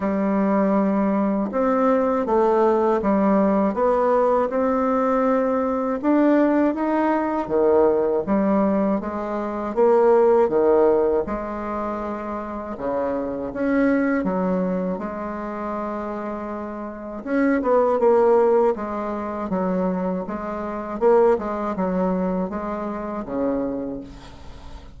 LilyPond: \new Staff \with { instrumentName = "bassoon" } { \time 4/4 \tempo 4 = 80 g2 c'4 a4 | g4 b4 c'2 | d'4 dis'4 dis4 g4 | gis4 ais4 dis4 gis4~ |
gis4 cis4 cis'4 fis4 | gis2. cis'8 b8 | ais4 gis4 fis4 gis4 | ais8 gis8 fis4 gis4 cis4 | }